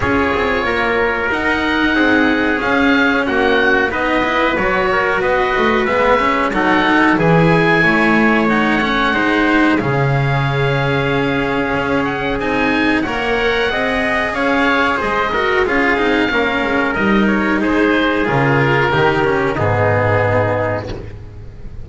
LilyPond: <<
  \new Staff \with { instrumentName = "oboe" } { \time 4/4 \tempo 4 = 92 cis''2 fis''2 | f''4 fis''4 dis''4 cis''4 | dis''4 e''4 fis''4 gis''4~ | gis''4 fis''2 f''4~ |
f''2~ f''8 fis''8 gis''4 | fis''2 f''4 dis''4 | f''2 dis''8 cis''8 c''4 | ais'2 gis'2 | }
  \new Staff \with { instrumentName = "trumpet" } { \time 4/4 gis'4 ais'2 gis'4~ | gis'4 fis'4 b'4. ais'8 | b'2 a'4 gis'4 | cis''2 c''4 gis'4~ |
gis'1 | cis''4 dis''4 cis''4 c''8 ais'8 | gis'4 ais'2 gis'4~ | gis'4 g'4 dis'2 | }
  \new Staff \with { instrumentName = "cello" } { \time 4/4 f'2 dis'2 | cis'2 dis'8 e'8 fis'4~ | fis'4 b8 cis'8 dis'4 e'4~ | e'4 dis'8 cis'8 dis'4 cis'4~ |
cis'2. dis'4 | ais'4 gis'2~ gis'8 fis'8 | f'8 dis'8 cis'4 dis'2 | f'4 dis'8 cis'8 b2 | }
  \new Staff \with { instrumentName = "double bass" } { \time 4/4 cis'8 c'8 ais4 dis'4 c'4 | cis'4 ais4 b4 fis4 | b8 a8 gis4 fis4 e4 | a2 gis4 cis4~ |
cis2 cis'4 c'4 | ais4 c'4 cis'4 gis4 | cis'8 c'8 ais8 gis8 g4 gis4 | cis4 dis4 gis,2 | }
>>